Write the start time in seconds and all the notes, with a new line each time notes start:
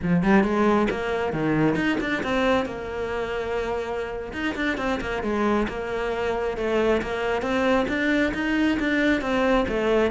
0.02 F3
0.23 G3
0.43 G#3
0.90 A#3
1.33 D#3
1.75 D#4
2.00 D4
2.23 C4
2.65 A#3
4.33 D#4
4.55 D4
4.77 C4
5.00 A#3
5.22 G#3
5.68 A#3
6.57 A3
7.02 A#3
7.41 C4
7.88 D4
8.34 D#4
8.79 D4
9.21 C4
9.68 A3